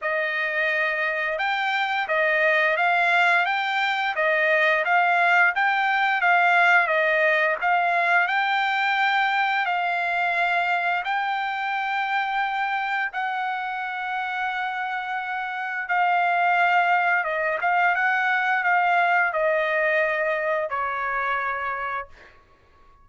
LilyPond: \new Staff \with { instrumentName = "trumpet" } { \time 4/4 \tempo 4 = 87 dis''2 g''4 dis''4 | f''4 g''4 dis''4 f''4 | g''4 f''4 dis''4 f''4 | g''2 f''2 |
g''2. fis''4~ | fis''2. f''4~ | f''4 dis''8 f''8 fis''4 f''4 | dis''2 cis''2 | }